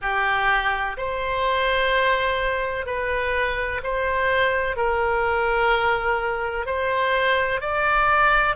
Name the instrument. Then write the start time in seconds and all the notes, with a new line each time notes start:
oboe
0.01 G4
0.97 C5
2.86 B4
3.83 C5
4.76 A#4
6.65 C5
7.60 D5